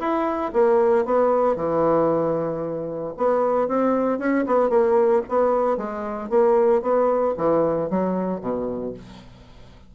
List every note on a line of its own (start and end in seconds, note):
0.00 0.53 E4
0.54 1.06 A#3
1.06 1.56 B3
1.56 3.14 E3
3.17 3.68 B3
3.68 4.19 C4
4.19 4.45 C#4
4.47 4.70 B3
4.70 5.23 A#3
5.29 5.78 B3
5.78 6.30 G#3
6.30 6.82 A#3
6.82 7.35 B3
7.38 7.90 E3
7.90 8.41 F#3
8.41 8.94 B2